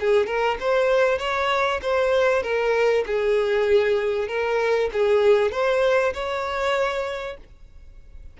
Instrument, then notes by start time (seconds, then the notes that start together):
violin
0.00 G#4
0.26 A#4
0.60 C5
1.18 C#5
1.82 C5
2.43 A#4
3.06 G#4
4.28 A#4
4.93 G#4
5.51 C5
6.14 C#5